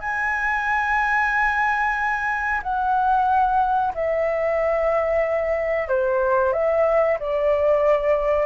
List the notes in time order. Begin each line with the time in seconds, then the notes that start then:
0.00 G#5
2.62 F#5
3.94 E5
5.88 C5
6.52 E5
7.19 D5